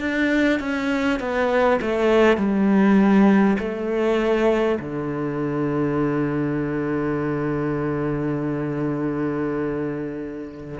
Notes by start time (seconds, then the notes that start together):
0.00 D4
0.60 C#4
1.19 B3
1.81 A3
2.37 G3
3.59 A3
4.80 D3